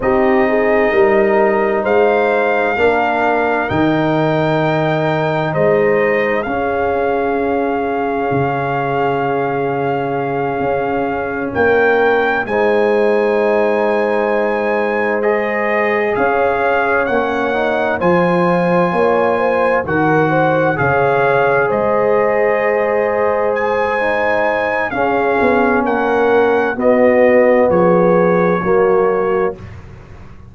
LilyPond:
<<
  \new Staff \with { instrumentName = "trumpet" } { \time 4/4 \tempo 4 = 65 dis''2 f''2 | g''2 dis''4 f''4~ | f''1~ | f''8 g''4 gis''2~ gis''8~ |
gis''8 dis''4 f''4 fis''4 gis''8~ | gis''4. fis''4 f''4 dis''8~ | dis''4. gis''4. f''4 | fis''4 dis''4 cis''2 | }
  \new Staff \with { instrumentName = "horn" } { \time 4/4 g'8 gis'8 ais'4 c''4 ais'4~ | ais'2 c''4 gis'4~ | gis'1~ | gis'8 ais'4 c''2~ c''8~ |
c''4. cis''2 c''8~ | c''8 cis''8 c''8 ais'8 c''8 cis''4 c''8~ | c''2. gis'4 | ais'4 fis'4 gis'4 fis'4 | }
  \new Staff \with { instrumentName = "trombone" } { \time 4/4 dis'2. d'4 | dis'2. cis'4~ | cis'1~ | cis'4. dis'2~ dis'8~ |
dis'8 gis'2 cis'8 dis'8 f'8~ | f'4. fis'4 gis'4.~ | gis'2 dis'4 cis'4~ | cis'4 b2 ais4 | }
  \new Staff \with { instrumentName = "tuba" } { \time 4/4 c'4 g4 gis4 ais4 | dis2 gis4 cis'4~ | cis'4 cis2~ cis8 cis'8~ | cis'8 ais4 gis2~ gis8~ |
gis4. cis'4 ais4 f8~ | f8 ais4 dis4 cis4 gis8~ | gis2. cis'8 b8 | ais4 b4 f4 fis4 | }
>>